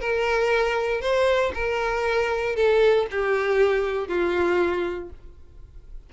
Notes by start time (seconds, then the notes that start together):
0.00 A#4
1.01 C5
1.54 A#4
2.55 A4
3.11 G4
4.08 F4